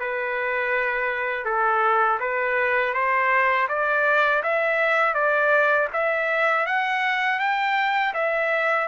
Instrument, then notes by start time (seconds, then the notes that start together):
trumpet
0.00 B4
1.45 A4
2.20 B4
2.94 C5
3.69 D5
4.43 E5
5.14 D5
5.93 E5
6.66 F#5
7.39 G5
8.14 E5